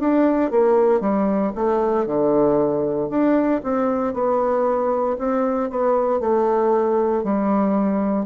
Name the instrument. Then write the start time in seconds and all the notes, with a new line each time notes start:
bassoon
0.00 D4
0.51 A#3
1.01 G3
1.55 A3
2.06 D3
3.10 D4
3.63 C4
4.14 B3
5.19 C4
5.70 B3
6.20 A3
7.24 G3